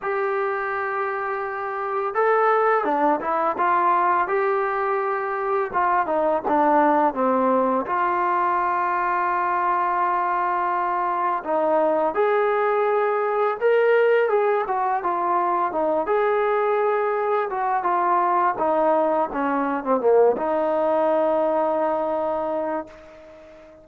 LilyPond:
\new Staff \with { instrumentName = "trombone" } { \time 4/4 \tempo 4 = 84 g'2. a'4 | d'8 e'8 f'4 g'2 | f'8 dis'8 d'4 c'4 f'4~ | f'1 |
dis'4 gis'2 ais'4 | gis'8 fis'8 f'4 dis'8 gis'4.~ | gis'8 fis'8 f'4 dis'4 cis'8. c'16 | ais8 dis'2.~ dis'8 | }